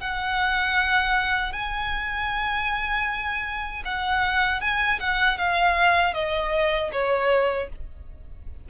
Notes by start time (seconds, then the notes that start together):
0.00 F#5
1.52 G#5
3.85 F#5
4.61 G#5
5.00 F#5
5.38 F5
6.14 D#5
6.92 C#5